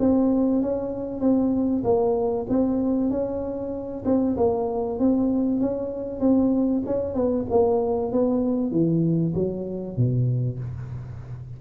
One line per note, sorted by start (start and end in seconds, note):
0.00 0.62 C4
0.62 1.21 C#4
1.21 1.83 C4
1.84 2.47 A#3
2.50 3.11 C4
3.11 4.05 C#4
4.06 4.37 C4
4.37 4.99 A#3
4.99 5.61 C4
5.61 6.20 C#4
6.20 6.83 C4
6.87 7.15 C#4
7.15 7.46 B3
7.50 8.12 A#3
8.12 8.72 B3
8.72 9.34 E3
9.35 9.97 F#3
9.97 10.60 B2